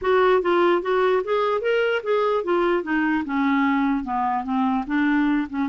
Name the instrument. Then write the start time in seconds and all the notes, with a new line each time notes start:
clarinet
0.01 F#4
0.42 F4
0.82 F#4
1.24 G#4
1.61 A#4
2.03 G#4
2.44 F4
2.83 D#4
3.25 C#4
4.04 B3
4.44 C4
4.86 D4
5.49 C#4